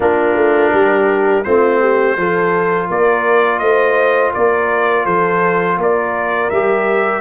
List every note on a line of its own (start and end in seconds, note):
0.00 0.35 A#3
0.00 1.44 D4
0.00 0.72 F4
0.00 1.43 A#4
0.35 0.71 A3
0.72 1.45 G3
0.72 1.44 G4
1.43 2.16 A3
1.43 2.17 C4
1.43 1.80 F4
1.43 2.88 C5
1.80 2.16 G4
2.16 2.89 F3
2.16 6.51 F4
2.16 2.88 A4
2.88 3.60 A#3
2.88 3.60 A#4
2.88 3.58 D5
3.58 4.32 A3
3.58 4.33 C5
3.58 4.31 D#5
4.33 5.06 A#3
4.33 5.05 A#4
4.33 5.05 D5
5.05 5.77 F3
5.05 5.77 A4
5.05 5.78 C5
5.77 6.49 A#3
5.77 7.21 A#4
5.77 6.50 D5
6.50 7.21 G3
6.50 7.21 G4
6.50 7.21 E5